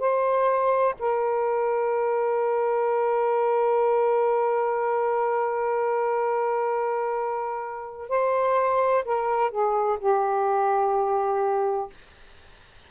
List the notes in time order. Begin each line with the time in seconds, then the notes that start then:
0.00 C5
1.00 A#4
8.10 C5
9.05 A#4
9.51 G#4
10.00 G4